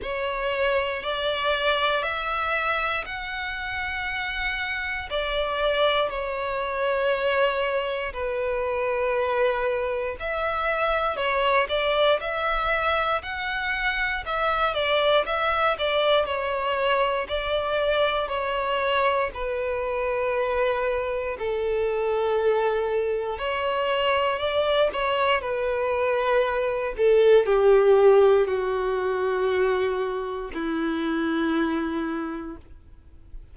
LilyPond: \new Staff \with { instrumentName = "violin" } { \time 4/4 \tempo 4 = 59 cis''4 d''4 e''4 fis''4~ | fis''4 d''4 cis''2 | b'2 e''4 cis''8 d''8 | e''4 fis''4 e''8 d''8 e''8 d''8 |
cis''4 d''4 cis''4 b'4~ | b'4 a'2 cis''4 | d''8 cis''8 b'4. a'8 g'4 | fis'2 e'2 | }